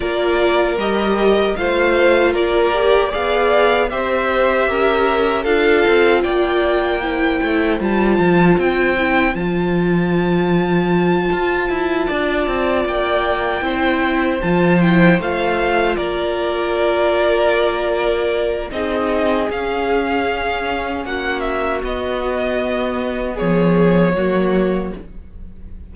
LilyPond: <<
  \new Staff \with { instrumentName = "violin" } { \time 4/4 \tempo 4 = 77 d''4 dis''4 f''4 d''4 | f''4 e''2 f''4 | g''2 a''4 g''4 | a''1~ |
a''8 g''2 a''8 g''8 f''8~ | f''8 d''2.~ d''8 | dis''4 f''2 fis''8 e''8 | dis''2 cis''2 | }
  \new Staff \with { instrumentName = "violin" } { \time 4/4 ais'2 c''4 ais'4 | d''4 c''4 ais'4 a'4 | d''4 c''2.~ | c''2.~ c''8 d''8~ |
d''4. c''2~ c''8~ | c''8 ais'2.~ ais'8 | gis'2. fis'4~ | fis'2 gis'4 fis'4 | }
  \new Staff \with { instrumentName = "viola" } { \time 4/4 f'4 g'4 f'4. g'8 | gis'4 g'2 f'4~ | f'4 e'4 f'4. e'8 | f'1~ |
f'4. e'4 f'8 e'8 f'8~ | f'1 | dis'4 cis'2. | b2. ais4 | }
  \new Staff \with { instrumentName = "cello" } { \time 4/4 ais4 g4 a4 ais4 | b4 c'4 cis'4 d'8 c'8 | ais4. a8 g8 f8 c'4 | f2~ f8 f'8 e'8 d'8 |
c'8 ais4 c'4 f4 a8~ | a8 ais2.~ ais8 | c'4 cis'2 ais4 | b2 f4 fis4 | }
>>